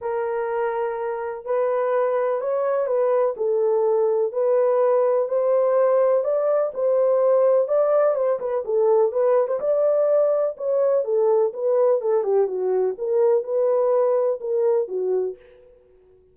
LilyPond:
\new Staff \with { instrumentName = "horn" } { \time 4/4 \tempo 4 = 125 ais'2. b'4~ | b'4 cis''4 b'4 a'4~ | a'4 b'2 c''4~ | c''4 d''4 c''2 |
d''4 c''8 b'8 a'4 b'8. c''16 | d''2 cis''4 a'4 | b'4 a'8 g'8 fis'4 ais'4 | b'2 ais'4 fis'4 | }